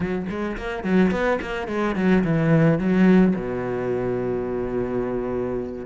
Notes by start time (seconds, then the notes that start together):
0.00 F#3
0.29 G#3
0.57 A#3
0.83 F#3
1.11 B3
1.41 A#3
1.67 G#3
1.95 F#3
2.23 E3
2.78 F#3
3.35 B2